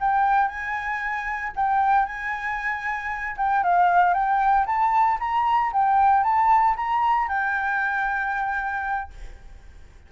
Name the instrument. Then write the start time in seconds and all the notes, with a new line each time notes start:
flute
0.00 G5
0.48 G#5
1.55 G5
2.05 G#5
3.37 G5
3.63 F5
4.14 G5
4.66 A5
5.20 A#5
5.72 G5
6.23 A5
6.76 A#5
7.28 G5